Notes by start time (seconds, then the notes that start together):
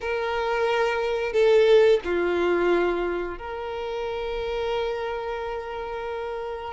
0.00 A#4
1.32 A4
2.04 F4
3.38 A#4